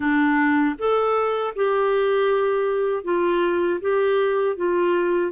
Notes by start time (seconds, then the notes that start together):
0.00 D4
0.78 A4
1.55 G4
3.04 F4
3.80 G4
4.56 F4